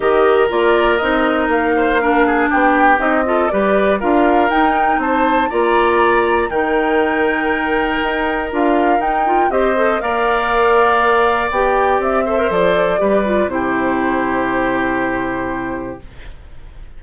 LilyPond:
<<
  \new Staff \with { instrumentName = "flute" } { \time 4/4 \tempo 4 = 120 dis''4 d''4 dis''4 f''4~ | f''4 g''4 dis''4 d''4 | f''4 g''4 a''4 ais''4~ | ais''4 g''2.~ |
g''4 f''4 g''4 dis''4 | f''2. g''4 | e''4 d''2 c''4~ | c''1 | }
  \new Staff \with { instrumentName = "oboe" } { \time 4/4 ais'2.~ ais'8 c''8 | ais'8 gis'8 g'4. a'8 b'4 | ais'2 c''4 d''4~ | d''4 ais'2.~ |
ais'2. c''4 | d''1~ | d''8 c''4. b'4 g'4~ | g'1 | }
  \new Staff \with { instrumentName = "clarinet" } { \time 4/4 g'4 f'4 dis'2 | d'2 dis'8 f'8 g'4 | f'4 dis'2 f'4~ | f'4 dis'2.~ |
dis'4 f'4 dis'8 f'8 g'8 a'8 | ais'2. g'4~ | g'8 a'16 ais'16 a'4 g'8 f'8 e'4~ | e'1 | }
  \new Staff \with { instrumentName = "bassoon" } { \time 4/4 dis4 ais4 c'4 ais4~ | ais4 b4 c'4 g4 | d'4 dis'4 c'4 ais4~ | ais4 dis2. |
dis'4 d'4 dis'4 c'4 | ais2. b4 | c'4 f4 g4 c4~ | c1 | }
>>